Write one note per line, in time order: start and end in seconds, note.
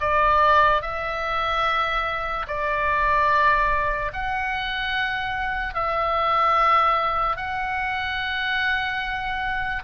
0.00 0.81 D5
0.81 2.46 E5
2.47 4.12 D5
4.13 5.74 F#5
5.74 7.36 E5
7.36 9.83 F#5